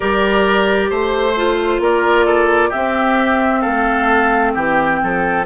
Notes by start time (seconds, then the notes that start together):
0.00 G3 G4 A#4 D5
0.90 A3 C5
1.36 F4
1.79 A#3 A#4 D5
2.25 A4
2.69 C4 G4 E5
2.75 C4
3.61 A3 A4 F5
4.54 E3 G4 G5
5.03 F3 A4